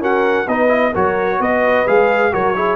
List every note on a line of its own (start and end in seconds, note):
0.00 0.46 C#4
0.00 0.48 F#4
0.00 0.47 A#4
0.00 0.48 F#5
0.47 0.94 B3
0.47 0.68 D#4
0.47 0.92 B4
0.47 0.94 D#5
0.68 0.91 E4
0.92 1.40 F#3
0.92 1.86 F#4
0.92 1.38 A#4
0.92 1.42 C#5
1.40 1.86 B3
1.40 2.33 B4
1.40 1.88 D#5
1.86 2.34 G#3
1.86 2.32 G#4
1.86 2.34 F5
2.32 2.76 F#3
2.32 2.55 F#4
2.32 2.56 A#4
2.32 2.76 C#5
2.56 2.76 E4
2.56 2.76 G#4